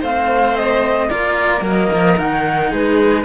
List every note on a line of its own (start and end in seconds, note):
0.00 1.10 A3
0.00 1.10 C4
0.00 1.08 C5
0.00 0.56 F5
0.56 1.09 D#5
1.09 1.61 A#3
1.09 1.61 F4
1.09 2.70 A#4
1.09 1.64 D5
1.61 1.88 F#3
1.61 2.15 A#3
1.68 2.19 D#5
1.92 2.19 F3
2.16 2.72 D#3
2.16 3.25 D#4
2.16 2.73 F#5
2.70 3.25 G#3
2.70 3.24 G#4
2.70 3.25 B4